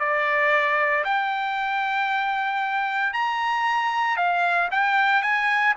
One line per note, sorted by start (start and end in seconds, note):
0.00 1.04 D5
1.05 3.13 G5
3.13 4.17 A#5
4.17 4.69 F5
4.71 5.22 G5
5.22 5.75 G#5